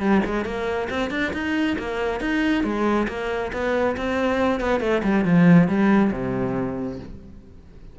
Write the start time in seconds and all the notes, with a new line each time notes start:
0.00 G3
0.26 G#3
0.45 A#3
0.91 C4
1.11 D4
1.34 D#4
1.79 A#3
2.21 D#4
2.64 G#3
3.08 A#3
3.53 B3
3.97 C4
4.61 B3
4.81 A3
5.04 G3
5.25 F3
5.68 G3
6.13 C3